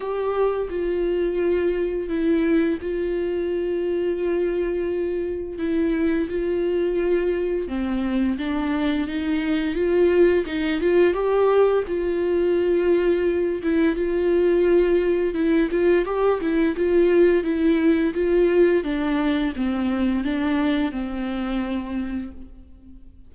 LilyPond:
\new Staff \with { instrumentName = "viola" } { \time 4/4 \tempo 4 = 86 g'4 f'2 e'4 | f'1 | e'4 f'2 c'4 | d'4 dis'4 f'4 dis'8 f'8 |
g'4 f'2~ f'8 e'8 | f'2 e'8 f'8 g'8 e'8 | f'4 e'4 f'4 d'4 | c'4 d'4 c'2 | }